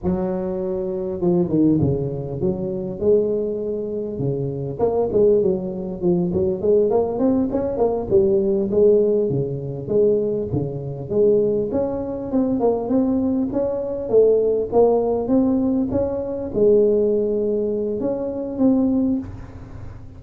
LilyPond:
\new Staff \with { instrumentName = "tuba" } { \time 4/4 \tempo 4 = 100 fis2 f8 dis8 cis4 | fis4 gis2 cis4 | ais8 gis8 fis4 f8 fis8 gis8 ais8 | c'8 cis'8 ais8 g4 gis4 cis8~ |
cis8 gis4 cis4 gis4 cis'8~ | cis'8 c'8 ais8 c'4 cis'4 a8~ | a8 ais4 c'4 cis'4 gis8~ | gis2 cis'4 c'4 | }